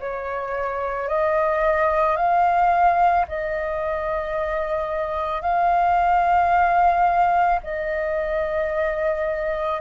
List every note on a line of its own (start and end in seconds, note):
0.00 1.08 C#5
1.08 2.16 D#5
2.16 3.25 F5
3.28 5.41 D#5
5.41 7.60 F5
7.63 9.80 D#5